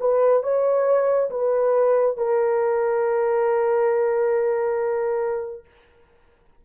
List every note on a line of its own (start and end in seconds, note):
0.00 0.43 B4
0.43 1.30 C#5
1.30 2.17 B4
2.17 5.65 A#4